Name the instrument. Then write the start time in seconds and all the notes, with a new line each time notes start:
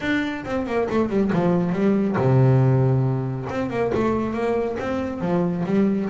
double bass
0.01 D4
0.45 C4
0.66 A#3
0.90 A3
1.09 G3
1.32 F3
1.72 G3
2.17 C3
3.49 C4
3.70 A#3
3.94 A3
4.33 A#3
4.79 C4
5.21 F3
5.65 G3